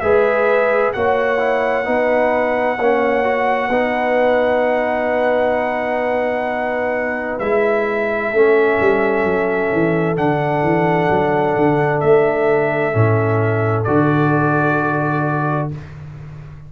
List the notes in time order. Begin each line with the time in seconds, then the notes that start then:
0.00 G#3 G#4 B4 E5
0.93 A#3 F#4 C#5 F#5
1.38 E4
1.85 B3 D#4 B4
2.78 A#3 C#4 C#5
3.24 F#4
3.69 B3 D#4 B4
7.39 G#3 E4 E5
8.29 A3 C#4 A4
8.80 G3
9.24 F#3
9.73 E3
10.16 D3 D4 F#5
10.63 E3
11.09 F#3
11.56 D3
12.00 A3 E5
12.93 A2 C#4
13.84 D3 F#4 D5